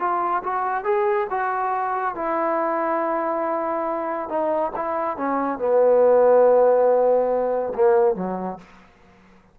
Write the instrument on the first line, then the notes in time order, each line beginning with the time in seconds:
trombone
0.00 F4
0.43 F#4
0.84 G#4
1.30 F#4
2.15 E4
4.29 D#4
4.76 E4
5.17 C#4
5.59 B3
7.75 A#3
8.16 F#3